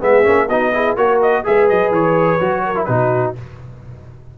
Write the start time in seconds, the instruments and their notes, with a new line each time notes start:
0.00 tuba G#3, trombone B3, horn G#4, trumpet E5
0.24 tuba A#3, trombone C#4
0.48 tuba B3, trombone D#4, horn F#4, trumpet D#5
0.73 trombone E4, horn G#4
0.97 tuba A#3, trombone F#4, horn A#4, trumpet C#5
1.22 trumpet D#5
1.44 tuba G#3, trombone G#4, horn B4, trumpet E5
1.68 tuba F#3, trumpet D#5
1.91 tuba E3, trumpet C#5
2.40 tuba F#3, trombone F#4
2.65 horn A#4
2.75 trombone E4
2.85 tuba B2, trombone D#4, horn F#4, trumpet B4